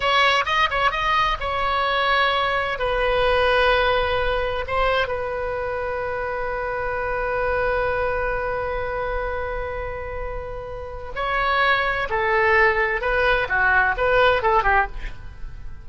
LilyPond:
\new Staff \with { instrumentName = "oboe" } { \time 4/4 \tempo 4 = 129 cis''4 dis''8 cis''8 dis''4 cis''4~ | cis''2 b'2~ | b'2 c''4 b'4~ | b'1~ |
b'1~ | b'1 | cis''2 a'2 | b'4 fis'4 b'4 a'8 g'8 | }